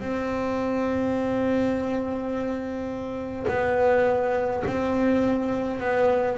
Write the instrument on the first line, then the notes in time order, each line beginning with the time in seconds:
double bass
0.00 C4
3.48 B3
4.67 C4
5.80 B3